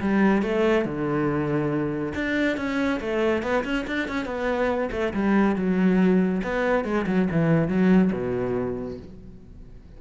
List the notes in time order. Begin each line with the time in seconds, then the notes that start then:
0.00 G3
0.42 A3
0.85 D3
2.14 D4
2.57 C#4
3.00 A3
3.42 B3
3.64 C#4
3.87 D4
4.08 C#4
4.25 B3
4.91 A3
5.13 G3
5.56 F#3
6.43 B3
6.84 G#3
7.07 F#3
7.31 E3
7.68 F#3
8.12 B2